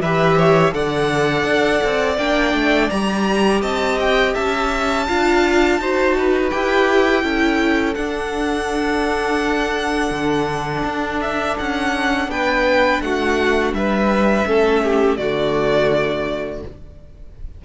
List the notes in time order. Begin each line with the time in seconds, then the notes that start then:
0.00 E3 G4 B4 E5
0.37 C#5
0.71 D3 A4 D5 F#5
1.44 D4
1.84 C4
2.17 A#3 D4 G5
2.54 A3
2.89 G3 G4 A#5
3.61 C4 D#5 A5
4.00 G5
4.34 C#4 E5 A5
5.08 D4 F4 F5
5.79 D#4 F#4 C5
6.18 B4
6.50 E4 G4 G5
7.22 C#4 E4 A4
7.94 D4 F#5
10.11 D3
10.84 D4
11.21 E5
11.58 C#4 F#5
12.28 B3 B4 G5
13.01 A3 F#4 F#5
13.73 G3 B4 E5
14.45 A3 C#4 A4
14.83 G4
15.17 D3 A3 F#4 D5